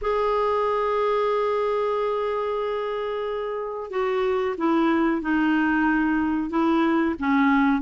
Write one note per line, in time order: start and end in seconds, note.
0.01 3.90 G#4
3.90 4.55 F#4
4.57 5.21 E4
5.21 6.50 D#4
6.50 7.15 E4
7.19 7.81 C#4